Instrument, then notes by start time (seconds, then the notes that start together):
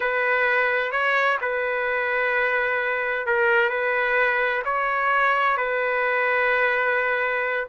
trumpet
0.00 B4
0.91 C#5
1.41 B4
3.26 A#4
3.69 B4
4.64 C#5
5.57 B4